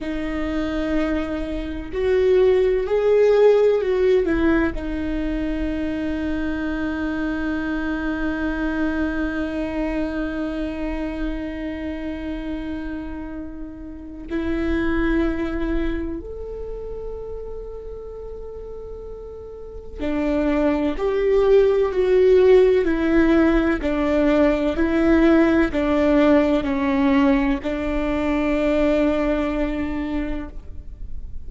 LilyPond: \new Staff \with { instrumentName = "viola" } { \time 4/4 \tempo 4 = 63 dis'2 fis'4 gis'4 | fis'8 e'8 dis'2.~ | dis'1~ | dis'2. e'4~ |
e'4 a'2.~ | a'4 d'4 g'4 fis'4 | e'4 d'4 e'4 d'4 | cis'4 d'2. | }